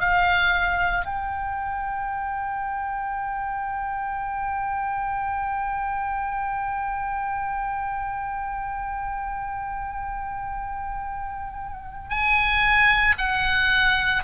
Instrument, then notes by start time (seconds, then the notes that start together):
oboe
0.00 F5
1.05 G5
12.10 G#5
13.18 F#5